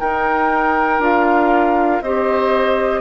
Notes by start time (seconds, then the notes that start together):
0.00 D#4 A#4 G5
0.99 D4 F4 F5
2.01 C4 G4 C5 D#5